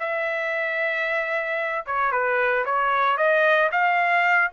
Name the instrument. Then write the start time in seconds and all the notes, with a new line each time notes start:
trumpet
0.00 E5
1.87 C#5
2.12 B4
2.65 C#5
3.17 D#5
3.72 F5